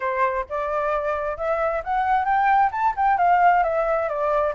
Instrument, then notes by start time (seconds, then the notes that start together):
flute
0.00 C5
0.49 D5
1.37 E5
1.83 F#5
2.25 G5
2.71 A5
2.96 G5
3.17 F5
3.63 E5
4.08 D5